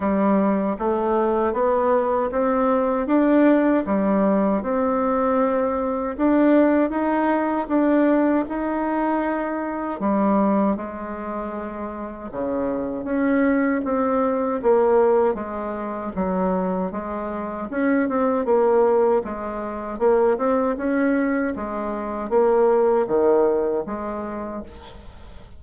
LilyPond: \new Staff \with { instrumentName = "bassoon" } { \time 4/4 \tempo 4 = 78 g4 a4 b4 c'4 | d'4 g4 c'2 | d'4 dis'4 d'4 dis'4~ | dis'4 g4 gis2 |
cis4 cis'4 c'4 ais4 | gis4 fis4 gis4 cis'8 c'8 | ais4 gis4 ais8 c'8 cis'4 | gis4 ais4 dis4 gis4 | }